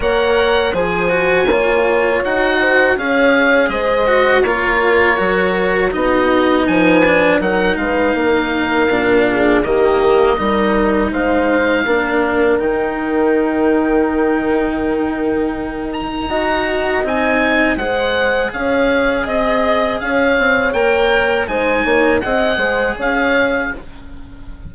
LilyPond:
<<
  \new Staff \with { instrumentName = "oboe" } { \time 4/4 \tempo 4 = 81 fis''4 gis''2 fis''4 | f''4 dis''4 cis''2 | dis''4 gis''4 fis''8 f''4.~ | f''4 dis''2 f''4~ |
f''4 g''2.~ | g''4. ais''4. gis''4 | fis''4 f''4 dis''4 f''4 | g''4 gis''4 fis''4 f''4 | }
  \new Staff \with { instrumentName = "horn" } { \time 4/4 cis''4 c''4 cis''4. c''8 | cis''4 c''4 ais'2 | fis'4 b'4 ais'8 b'8 ais'4~ | ais'8 gis'8 g'4 ais'4 c''4 |
ais'1~ | ais'2 dis''2 | c''4 cis''4 dis''4 cis''4~ | cis''4 c''8 cis''8 dis''8 c''8 cis''4 | }
  \new Staff \with { instrumentName = "cello" } { \time 4/4 ais'4 gis'8 fis'8 f'4 fis'4 | gis'4. fis'8 f'4 fis'4 | dis'4. d'8 dis'2 | d'4 ais4 dis'2 |
d'4 dis'2.~ | dis'2 fis'4 dis'4 | gis'1 | ais'4 dis'4 gis'2 | }
  \new Staff \with { instrumentName = "bassoon" } { \time 4/4 ais4 f4 ais4 dis'4 | cis'4 gis4 ais4 fis4 | b4 f4 fis8 gis8 ais4 | ais,4 dis4 g4 gis4 |
ais4 dis2.~ | dis2 dis'4 c'4 | gis4 cis'4 c'4 cis'8 c'8 | ais4 gis8 ais8 c'8 gis8 cis'4 | }
>>